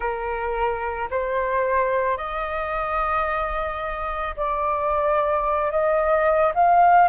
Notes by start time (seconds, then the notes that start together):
0.00 A#4
1.10 C5
2.17 D#5
4.36 D5
5.71 D#5
6.54 F5